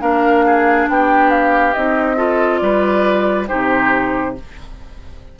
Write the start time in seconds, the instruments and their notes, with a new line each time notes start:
0.00 bassoon A#3, clarinet D4, oboe A#4, flute F5
0.45 oboe G#4
0.88 bassoon B3, oboe G4, flute G5
1.30 flute F5
1.74 bassoon C4, clarinet D#4, flute D#5
2.16 clarinet F4, oboe A4
2.58 bassoon G3, oboe B4, flute D5
3.48 bassoon C3, clarinet D#4, oboe G4, flute C5